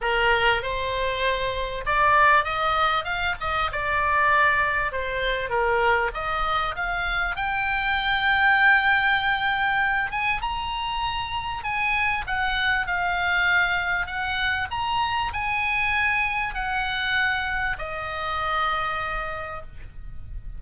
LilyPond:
\new Staff \with { instrumentName = "oboe" } { \time 4/4 \tempo 4 = 98 ais'4 c''2 d''4 | dis''4 f''8 dis''8 d''2 | c''4 ais'4 dis''4 f''4 | g''1~ |
g''8 gis''8 ais''2 gis''4 | fis''4 f''2 fis''4 | ais''4 gis''2 fis''4~ | fis''4 dis''2. | }